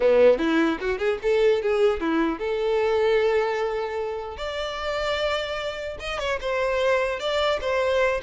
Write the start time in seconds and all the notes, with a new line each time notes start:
0.00 B3
0.38 E4
0.80 F#4
0.98 G#4
1.22 A4
1.62 G#4
2.00 E4
2.39 A4
4.37 D5
5.99 D#5
6.19 C#5
6.40 C5
7.19 D5
7.61 C5